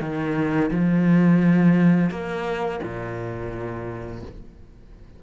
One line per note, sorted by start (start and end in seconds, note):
0.00 0.70 D#3
0.70 2.10 F3
2.10 2.80 A#3
2.83 4.22 A#2